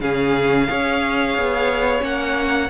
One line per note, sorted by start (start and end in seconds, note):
0.00 0.68 C#3
0.00 0.67 C#4
0.00 0.68 G#4
0.00 2.02 F5
0.67 1.37 C#4
0.67 1.99 G#4
0.67 2.70 C#5
1.37 2.02 B3
1.99 2.69 A#3
1.99 2.67 C#4
1.99 2.70 F#5